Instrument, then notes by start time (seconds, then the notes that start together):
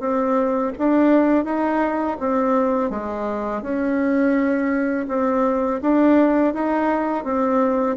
bassoon
0.00 C4
0.79 D4
1.45 D#4
2.20 C4
2.91 G#3
3.63 C#4
5.09 C4
5.82 D4
6.55 D#4
7.25 C4